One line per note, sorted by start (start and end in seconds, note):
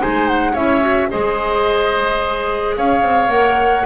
0.00 0.55 G#3
0.00 0.55 D#4
0.00 0.53 C5
0.00 0.28 G#5
0.28 0.55 F#5
0.53 1.10 C#4
0.53 0.81 E4
0.53 1.08 C#5
0.53 1.10 E5
0.81 1.09 F#4
1.11 2.77 G#3
1.11 3.29 G#4
1.11 2.76 C5
1.11 2.76 D#5
2.77 3.03 C#4
2.77 3.87 C#5
2.77 3.31 F5
3.03 3.28 C4
3.28 3.83 A#3
3.28 3.84 A#4
3.28 3.86 F#5